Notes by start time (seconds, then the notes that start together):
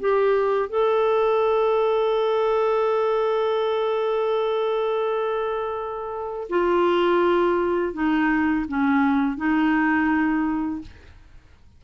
0.00 G4
0.70 A4
6.50 F4
7.94 D#4
8.68 C#4
9.37 D#4